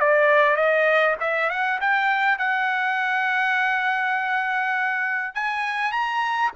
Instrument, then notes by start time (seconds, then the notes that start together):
trumpet
0.00 D5
0.56 D#5
1.20 E5
1.50 F#5
1.80 G5
2.38 F#5
5.34 G#5
5.92 A#5